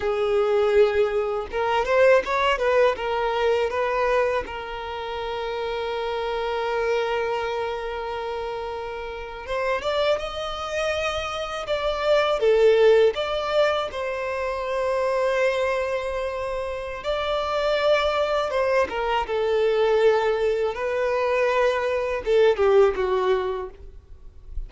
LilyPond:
\new Staff \with { instrumentName = "violin" } { \time 4/4 \tempo 4 = 81 gis'2 ais'8 c''8 cis''8 b'8 | ais'4 b'4 ais'2~ | ais'1~ | ais'8. c''8 d''8 dis''2 d''16~ |
d''8. a'4 d''4 c''4~ c''16~ | c''2. d''4~ | d''4 c''8 ais'8 a'2 | b'2 a'8 g'8 fis'4 | }